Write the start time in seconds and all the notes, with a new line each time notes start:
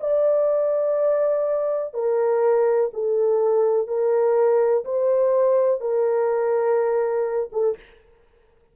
0.00 D5
1.94 A#4
2.93 A4
3.87 A#4
4.84 C5
5.80 A#4
7.52 A4